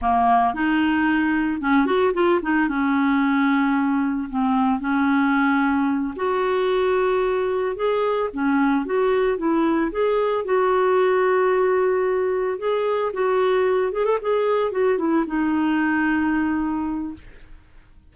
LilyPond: \new Staff \with { instrumentName = "clarinet" } { \time 4/4 \tempo 4 = 112 ais4 dis'2 cis'8 fis'8 | f'8 dis'8 cis'2. | c'4 cis'2~ cis'8 fis'8~ | fis'2~ fis'8 gis'4 cis'8~ |
cis'8 fis'4 e'4 gis'4 fis'8~ | fis'2.~ fis'8 gis'8~ | gis'8 fis'4. gis'16 a'16 gis'4 fis'8 | e'8 dis'2.~ dis'8 | }